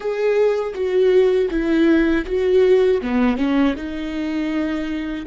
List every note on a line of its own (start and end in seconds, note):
0.00 0.73 G#4
0.74 1.49 F#4
1.50 2.25 E4
2.26 3.01 F#4
3.01 3.37 B3
3.37 3.74 C#4
3.75 5.25 D#4